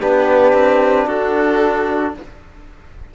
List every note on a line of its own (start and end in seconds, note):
0.00 0.53 B3
0.00 2.14 D4
0.00 1.07 G4
0.00 1.07 B4
0.53 1.06 C4
1.07 2.14 D4
1.07 2.15 F#4
1.07 2.14 A4